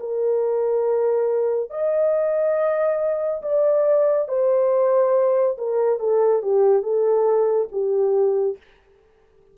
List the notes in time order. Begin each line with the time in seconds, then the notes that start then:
0.00 A#4
1.71 D#5
3.42 D5
4.29 C5
5.58 A#4
6.00 A4
6.42 G4
6.83 A4
7.72 G4